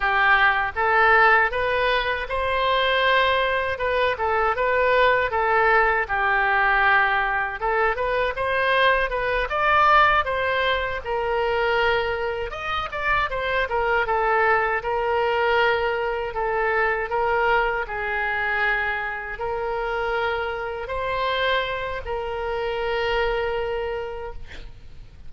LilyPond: \new Staff \with { instrumentName = "oboe" } { \time 4/4 \tempo 4 = 79 g'4 a'4 b'4 c''4~ | c''4 b'8 a'8 b'4 a'4 | g'2 a'8 b'8 c''4 | b'8 d''4 c''4 ais'4.~ |
ais'8 dis''8 d''8 c''8 ais'8 a'4 ais'8~ | ais'4. a'4 ais'4 gis'8~ | gis'4. ais'2 c''8~ | c''4 ais'2. | }